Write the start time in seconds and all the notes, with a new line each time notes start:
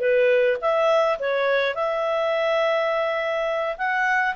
0.00 B4
0.62 E5
1.20 C#5
1.75 E5
3.78 F#5